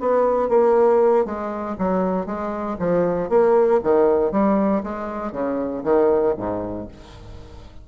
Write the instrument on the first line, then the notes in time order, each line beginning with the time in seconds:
bassoon
0.00 B3
0.49 A#3
1.26 G#3
1.79 F#3
2.26 G#3
2.79 F3
3.30 A#3
3.83 D#3
4.32 G3
4.83 G#3
5.32 C#3
5.84 D#3
6.37 G#2